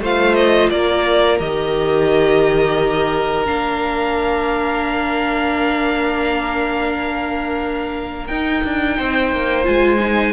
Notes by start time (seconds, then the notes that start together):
0.00 A3 F4 C5 F5
0.34 D#5
0.70 A#3 A#4 D5
1.39 D#3 G4 D#5
3.46 A#3 D4 F5
8.27 D#4 G5
8.64 D4
8.98 C4 C5
9.32 A#3
9.64 G#3 F4 G#5
9.99 D#4